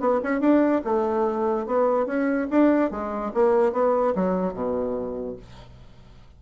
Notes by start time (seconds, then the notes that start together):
0.00 B3
0.24 C#4
0.41 D4
0.85 A3
1.66 B3
2.06 C#4
2.51 D4
2.91 G#3
3.34 A#3
3.73 B3
4.15 F#3
4.54 B2